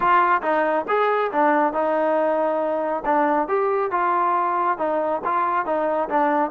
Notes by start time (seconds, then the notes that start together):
0.00 F4
0.42 D#4
0.87 G#4
1.32 D4
1.73 D#4
3.05 D4
3.48 G4
3.91 F4
4.78 D#4
5.24 F4
5.65 D#4
6.09 D4